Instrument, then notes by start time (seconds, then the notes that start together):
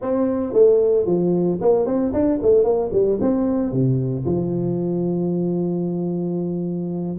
tuba
0.01 C4
0.53 A3
1.05 F3
1.61 A#3
1.86 C4
2.13 D4
2.42 A3
2.64 A#3
2.92 G3
3.20 C4
3.71 C3
4.25 F3